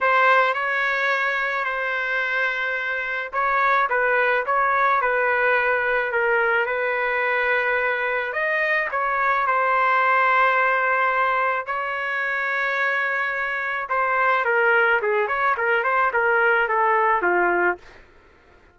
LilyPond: \new Staff \with { instrumentName = "trumpet" } { \time 4/4 \tempo 4 = 108 c''4 cis''2 c''4~ | c''2 cis''4 b'4 | cis''4 b'2 ais'4 | b'2. dis''4 |
cis''4 c''2.~ | c''4 cis''2.~ | cis''4 c''4 ais'4 gis'8 cis''8 | ais'8 c''8 ais'4 a'4 f'4 | }